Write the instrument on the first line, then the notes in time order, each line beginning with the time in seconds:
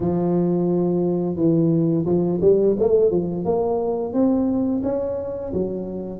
tuba
0.00 F3
1.36 E3
2.05 F3
2.41 G3
2.79 A3
3.10 F3
3.45 A#3
4.13 C4
4.83 C#4
5.53 F#3